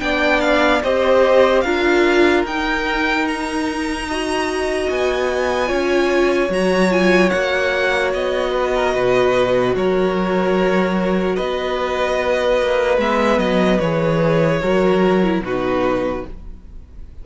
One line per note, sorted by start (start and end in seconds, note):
0.00 0.82 B3
0.00 0.81 D4
0.00 0.83 D5
0.00 0.41 G5
0.41 0.81 F5
0.83 1.64 C4
0.83 1.65 G4
0.83 1.64 C5
0.83 1.61 D#5
1.61 2.44 D4
1.61 2.46 F4
1.61 4.07 A#4
1.61 2.42 F5
2.44 4.87 D#4
2.44 4.10 D#4
2.44 3.27 G5
3.27 4.89 A#5
4.08 5.67 F#4
4.08 5.68 D#5
4.89 5.70 B3
4.89 6.52 G#5
5.67 6.49 C#4
5.67 6.48 F4
5.67 8.50 C#5
6.49 7.30 F#3
6.49 6.90 F#4
6.49 6.92 A#5
6.90 7.31 F4
6.90 7.29 G#5
7.29 8.14 A#3
7.29 13.00 F#4
7.29 8.10 F#5
8.14 8.95 B3
8.14 9.76 D#5
8.50 8.70 B4
8.74 8.94 A#4
8.94 9.75 B2
8.94 9.75 B4
9.75 11.37 F#3
9.75 11.36 A#4
9.75 11.35 C#5
11.35 12.61 B3
11.35 14.60 B4
11.35 12.98 D#5
12.61 12.98 A#3
12.98 13.38 G#3
12.98 13.81 B3
12.98 13.39 E5
13.38 13.79 F#3
13.38 13.79 D#5
13.79 14.61 E3
13.79 14.63 G#4
13.79 15.41 C#5
14.61 15.41 F#3
14.61 15.23 F#4
14.61 15.43 A#4
15.23 15.43 E4
15.41 16.22 B2
15.41 16.26 D#4
15.41 16.26 F#4
15.41 16.26 B4